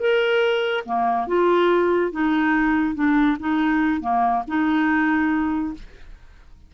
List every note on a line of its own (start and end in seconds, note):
0.00 0.85 A#4
0.86 1.28 A#3
1.28 2.12 F4
2.12 2.95 D#4
2.95 3.37 D4
3.40 4.01 D#4
4.01 4.43 A#3
4.48 5.75 D#4